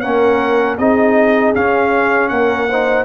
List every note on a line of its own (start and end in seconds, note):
0.00 0.78 A#3
0.00 0.78 C#4
0.00 0.78 A#4
0.00 0.76 F#5
0.78 1.54 C4
0.78 1.55 D#4
0.78 2.30 G#4
0.78 1.54 D#5
1.55 2.69 C#4
1.55 2.30 C#4
1.55 2.28 F5
2.28 3.04 A#3
2.28 2.69 A#4
2.28 3.04 F#5
2.69 3.04 D#4
2.69 3.04 C5